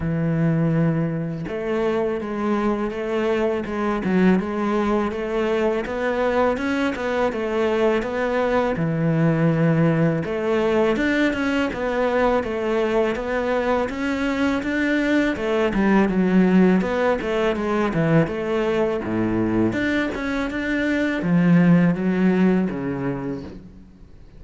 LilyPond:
\new Staff \with { instrumentName = "cello" } { \time 4/4 \tempo 4 = 82 e2 a4 gis4 | a4 gis8 fis8 gis4 a4 | b4 cis'8 b8 a4 b4 | e2 a4 d'8 cis'8 |
b4 a4 b4 cis'4 | d'4 a8 g8 fis4 b8 a8 | gis8 e8 a4 a,4 d'8 cis'8 | d'4 f4 fis4 cis4 | }